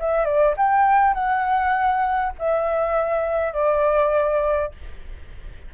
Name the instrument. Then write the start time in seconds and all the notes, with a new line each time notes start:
flute
0.00 E5
0.25 D5
0.57 G5
1.14 F#5
2.39 E5
3.53 D5